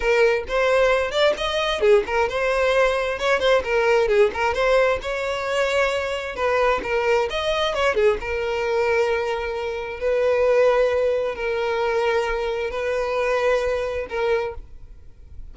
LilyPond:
\new Staff \with { instrumentName = "violin" } { \time 4/4 \tempo 4 = 132 ais'4 c''4. d''8 dis''4 | gis'8 ais'8 c''2 cis''8 c''8 | ais'4 gis'8 ais'8 c''4 cis''4~ | cis''2 b'4 ais'4 |
dis''4 cis''8 gis'8 ais'2~ | ais'2 b'2~ | b'4 ais'2. | b'2. ais'4 | }